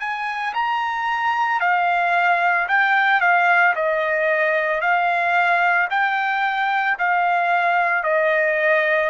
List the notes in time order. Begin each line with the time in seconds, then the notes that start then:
0.00 G#5
0.54 A#5
1.61 F5
2.68 G5
3.21 F5
3.76 D#5
4.82 F5
5.91 G5
6.99 F5
8.04 D#5